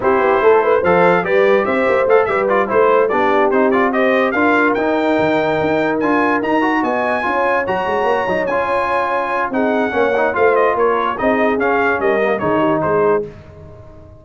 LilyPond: <<
  \new Staff \with { instrumentName = "trumpet" } { \time 4/4 \tempo 4 = 145 c''2 f''4 d''4 | e''4 f''8 e''8 d''8 c''4 d''8~ | d''8 c''8 d''8 dis''4 f''4 g''8~ | g''2~ g''8 gis''4 ais''8~ |
ais''8 gis''2 ais''4.~ | ais''8 gis''2~ gis''8 fis''4~ | fis''4 f''8 dis''8 cis''4 dis''4 | f''4 dis''4 cis''4 c''4 | }
  \new Staff \with { instrumentName = "horn" } { \time 4/4 g'4 a'8 b'8 c''4 b'4 | c''4. b'4 c''4 g'8~ | g'4. c''4 ais'4.~ | ais'1~ |
ais'8 dis''4 cis''2~ cis''8~ | cis''2. gis'4 | cis''4 c''4 ais'4 gis'4~ | gis'4 ais'4 gis'8 g'8 gis'4 | }
  \new Staff \with { instrumentName = "trombone" } { \time 4/4 e'2 a'4 g'4~ | g'4 a'8 g'8 f'8 e'4 d'8~ | d'8 dis'8 f'8 g'4 f'4 dis'8~ | dis'2~ dis'8 f'4 dis'8 |
fis'4. f'4 fis'4. | dis'8 f'2~ f'8 dis'4 | cis'8 dis'8 f'2 dis'4 | cis'4. ais8 dis'2 | }
  \new Staff \with { instrumentName = "tuba" } { \time 4/4 c'8 b8 a4 f4 g4 | c'8 ais8 a8 g4 a4 b8~ | b8 c'2 d'4 dis'8~ | dis'8 dis4 dis'4 d'4 dis'8~ |
dis'8 b4 cis'4 fis8 gis8 ais8 | fis8 cis'2~ cis'8 c'4 | ais4 a4 ais4 c'4 | cis'4 g4 dis4 gis4 | }
>>